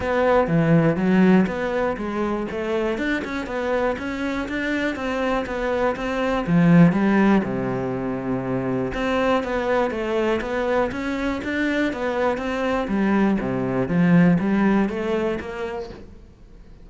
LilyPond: \new Staff \with { instrumentName = "cello" } { \time 4/4 \tempo 4 = 121 b4 e4 fis4 b4 | gis4 a4 d'8 cis'8 b4 | cis'4 d'4 c'4 b4 | c'4 f4 g4 c4~ |
c2 c'4 b4 | a4 b4 cis'4 d'4 | b4 c'4 g4 c4 | f4 g4 a4 ais4 | }